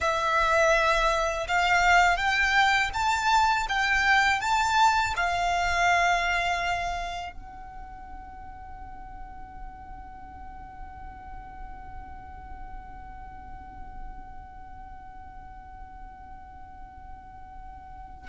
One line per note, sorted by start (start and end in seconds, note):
0.00 1.47 E5
1.47 2.17 F5
2.17 2.90 G5
2.93 3.67 A5
3.68 4.40 G5
4.40 5.14 A5
5.16 7.32 F5
7.32 18.28 F#5